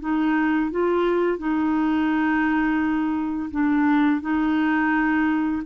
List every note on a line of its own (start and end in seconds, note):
0.00 0.71 D#4
0.71 1.38 F4
1.38 3.50 D#4
3.51 4.21 D4
4.21 5.62 D#4